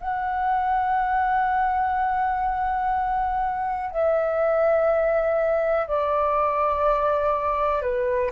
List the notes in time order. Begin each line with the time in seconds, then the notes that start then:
0.00 F#5
3.91 E5
5.87 D5
7.82 B4